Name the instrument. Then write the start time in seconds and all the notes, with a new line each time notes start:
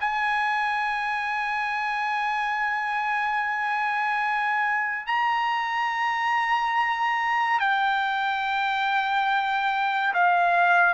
trumpet
0.00 G#5
5.06 A#5
7.60 G5
10.14 F5